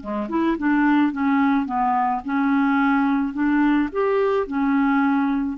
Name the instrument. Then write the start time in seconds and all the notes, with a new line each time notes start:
clarinet
0.00 G#3
0.29 E4
0.58 D4
1.12 C#4
1.66 B3
2.25 C#4
3.33 D4
3.92 G4
4.47 C#4